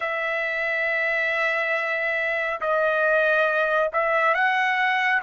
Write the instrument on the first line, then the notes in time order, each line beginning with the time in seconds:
trumpet
0.00 E5
2.60 D#5
3.92 E5
4.34 F#5